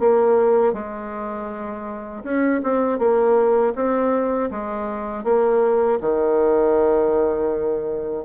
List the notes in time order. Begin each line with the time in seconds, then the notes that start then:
0.00 A#3
0.73 G#3
2.24 C#4
2.64 C4
2.99 A#3
3.75 C4
4.51 G#3
5.24 A#3
6.01 D#3